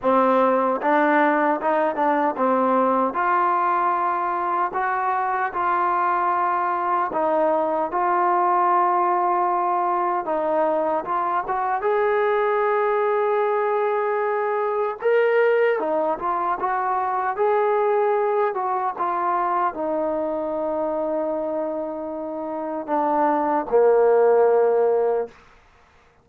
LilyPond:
\new Staff \with { instrumentName = "trombone" } { \time 4/4 \tempo 4 = 76 c'4 d'4 dis'8 d'8 c'4 | f'2 fis'4 f'4~ | f'4 dis'4 f'2~ | f'4 dis'4 f'8 fis'8 gis'4~ |
gis'2. ais'4 | dis'8 f'8 fis'4 gis'4. fis'8 | f'4 dis'2.~ | dis'4 d'4 ais2 | }